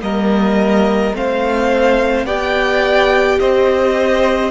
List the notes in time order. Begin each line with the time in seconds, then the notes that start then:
0.00 G3 A#3 A#4 D#5
1.14 A3 C4 C5 F5
2.25 B3 G4 D5 G5
3.39 C4 C5 D#5